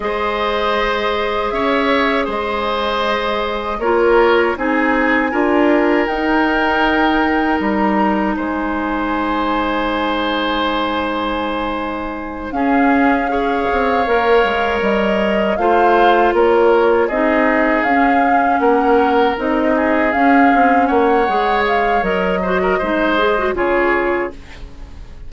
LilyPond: <<
  \new Staff \with { instrumentName = "flute" } { \time 4/4 \tempo 4 = 79 dis''2 e''4 dis''4~ | dis''4 cis''4 gis''2 | g''2 ais''4 gis''4~ | gis''1~ |
gis''8 f''2. dis''8~ | dis''8 f''4 cis''4 dis''4 f''8~ | f''8 fis''4 dis''4 f''4 fis''8~ | fis''8 f''8 dis''2 cis''4 | }
  \new Staff \with { instrumentName = "oboe" } { \time 4/4 c''2 cis''4 c''4~ | c''4 ais'4 gis'4 ais'4~ | ais'2. c''4~ | c''1~ |
c''8 gis'4 cis''2~ cis''8~ | cis''8 c''4 ais'4 gis'4.~ | gis'8 ais'4. gis'4. cis''8~ | cis''4. c''16 ais'16 c''4 gis'4 | }
  \new Staff \with { instrumentName = "clarinet" } { \time 4/4 gis'1~ | gis'4 f'4 dis'4 f'4 | dis'1~ | dis'1~ |
dis'8 cis'4 gis'4 ais'4.~ | ais'8 f'2 dis'4 cis'8~ | cis'4. dis'4 cis'4. | gis'4 ais'8 fis'8 dis'8 gis'16 fis'16 f'4 | }
  \new Staff \with { instrumentName = "bassoon" } { \time 4/4 gis2 cis'4 gis4~ | gis4 ais4 c'4 d'4 | dis'2 g4 gis4~ | gis1~ |
gis8 cis'4. c'8 ais8 gis8 g8~ | g8 a4 ais4 c'4 cis'8~ | cis'8 ais4 c'4 cis'8 c'8 ais8 | gis4 fis4 gis4 cis4 | }
>>